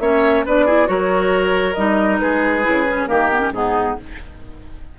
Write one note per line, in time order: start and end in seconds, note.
0.00 0.44 A#3
0.00 0.46 C#4
0.00 0.46 C#5
0.00 0.44 E5
0.46 0.89 B3
0.46 0.67 D4
0.46 0.66 B4
0.46 0.88 D5
0.66 0.86 E4
0.66 0.88 G#4
0.86 1.76 F#3
0.86 1.74 F#4
0.86 2.21 A#4
0.86 1.74 C#5
1.74 2.21 G3
1.74 2.63 D#4
1.74 2.18 D#5
2.19 2.66 G#3
2.19 3.09 G#4
2.19 3.07 B4
2.63 3.10 C#3
2.63 2.85 E4
2.88 3.08 C#4
3.07 3.52 D#3
3.07 3.30 A#3
3.07 3.53 G4
3.07 3.51 A#4
3.31 3.40 B3
3.40 3.51 C#4
3.52 3.95 G#2
3.52 3.99 B3
3.52 3.98 D#4
3.52 3.98 G#4